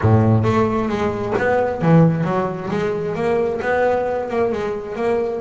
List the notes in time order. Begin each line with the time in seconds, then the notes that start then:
0.01 A2
0.43 A3
0.88 G#3
1.37 B3
1.81 E3
2.24 F#3
2.70 G#3
3.15 A#3
3.61 B3
4.29 A#3
4.52 G#3
4.95 A#3